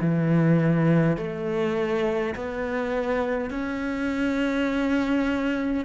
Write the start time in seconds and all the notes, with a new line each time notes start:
0.00 E3
1.17 A3
2.35 B3
3.50 C#4